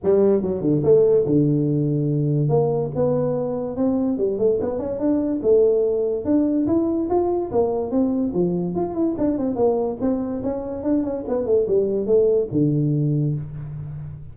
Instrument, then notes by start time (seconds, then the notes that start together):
tuba
0.03 G3
0.42 F#3
0.61 D3
0.83 A3
1.25 D3
2.48 A#3
2.95 B3
3.76 C4
4.17 G3
4.38 A3
4.60 B3
4.79 C#4
4.99 D4
5.42 A3
6.24 D4
6.67 E4
7.09 F4
7.51 A#3
7.91 C4
8.33 F3
8.75 F4
8.94 E4
9.17 D4
9.37 C4
9.55 A#3
10.01 C4
10.43 C#4
10.83 D4
11.03 C#4
11.27 B3
11.45 A3
11.67 G3
12.06 A3
12.51 D3